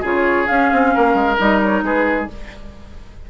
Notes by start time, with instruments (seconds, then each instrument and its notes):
0.00 bassoon C#3, clarinet F4, oboe G#4
0.06 flute C#5
0.46 clarinet C#4, bassoon C#4, flute F5
0.72 bassoon C4
0.94 bassoon A#3, oboe A#4
1.14 bassoon G#3
1.37 bassoon G3, clarinet D#4, flute D#5
1.62 flute C#5
1.82 bassoon G#3, oboe G#4, flute B4